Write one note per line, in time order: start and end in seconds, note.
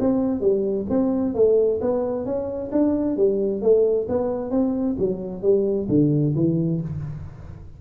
0.00 0.41 C4
0.41 0.86 G3
0.89 1.35 C4
1.35 1.80 A3
1.81 2.25 B3
2.25 2.71 C#4
2.72 3.17 D4
3.17 3.62 G3
3.62 4.07 A3
4.09 4.51 B3
4.51 4.96 C4
4.99 5.42 F#3
5.42 5.88 G3
5.89 6.34 D3
6.36 6.81 E3